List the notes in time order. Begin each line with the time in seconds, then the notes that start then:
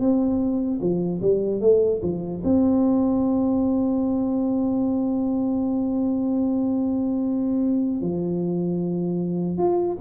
0.00 C4
0.81 F3
1.22 G3
1.61 A3
2.03 F3
2.44 C4
8.01 F3
9.57 F4